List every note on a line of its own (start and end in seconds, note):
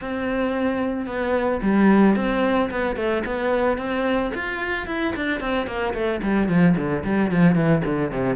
0.01 1.06 C4
1.06 1.60 B3
1.62 2.15 G3
2.15 2.70 C4
2.70 2.96 B3
2.96 3.23 A3
3.25 3.77 B3
3.77 4.31 C4
4.34 4.86 F4
4.86 5.14 E4
5.16 5.40 D4
5.40 5.66 C4
5.66 5.93 A#3
5.93 6.20 A3
6.22 6.48 G3
6.48 6.75 F3
6.76 7.03 D3
7.04 7.31 G3
7.31 7.55 F3
7.55 7.82 E3
7.85 8.11 D3
8.11 8.36 C3